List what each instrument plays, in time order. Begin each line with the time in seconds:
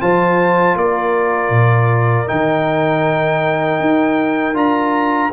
0.00 tuba F3, trombone F4, horn C5, trumpet A5
0.75 tuba A#3, horn A#4, trumpet D5
1.49 tuba A#2
2.26 tuba D#3, trombone D#4, trumpet G5
3.80 tuba D#4
4.54 tuba D4, trombone F4, trumpet A#5